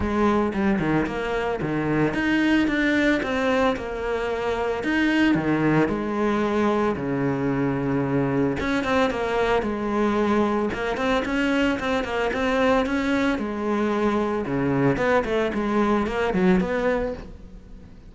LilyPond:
\new Staff \with { instrumentName = "cello" } { \time 4/4 \tempo 4 = 112 gis4 g8 dis8 ais4 dis4 | dis'4 d'4 c'4 ais4~ | ais4 dis'4 dis4 gis4~ | gis4 cis2. |
cis'8 c'8 ais4 gis2 | ais8 c'8 cis'4 c'8 ais8 c'4 | cis'4 gis2 cis4 | b8 a8 gis4 ais8 fis8 b4 | }